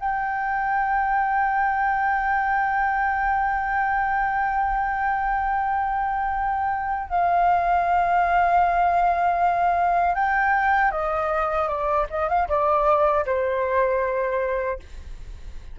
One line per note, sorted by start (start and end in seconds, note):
0.00 7.10 G5
7.10 10.15 F5
10.15 10.92 G5
10.92 11.69 D#5
11.69 12.07 D5
12.10 12.29 D#5
12.29 12.48 F5
12.49 13.26 D5
13.26 14.80 C5